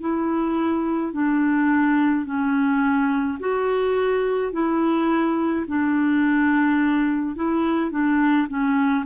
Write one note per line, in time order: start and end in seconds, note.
0.00 1.13 E4
1.13 2.25 D4
2.25 3.38 C#4
3.40 4.52 F#4
4.52 5.66 E4
5.68 7.35 D4
7.35 7.91 E4
7.91 8.48 D4
8.48 9.05 C#4